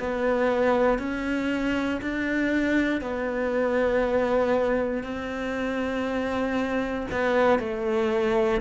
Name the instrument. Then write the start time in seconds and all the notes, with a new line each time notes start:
cello
0.00 B3
0.99 C#4
2.02 D4
3.01 B3
5.04 C4
7.12 B3
7.59 A3